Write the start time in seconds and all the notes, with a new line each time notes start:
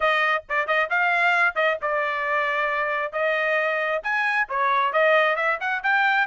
0.00 D#5
0.49 D5
0.67 D#5
0.90 F5
1.55 D#5
1.81 D5
3.12 D#5
4.03 G#5
4.49 C#5
4.93 D#5
5.36 E5
5.60 F#5
5.83 G5